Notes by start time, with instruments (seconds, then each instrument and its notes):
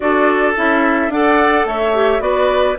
0.00 bassoon D4, clarinet F#4, oboe A4, flute D5
0.55 bassoon C#4, clarinet E4, flute E5
1.08 bassoon D4, clarinet A4, oboe D5, flute F#5
1.64 bassoon A3, oboe C#5, flute E5
1.94 clarinet G4
2.19 bassoon B3, clarinet F#4, oboe B4, flute D5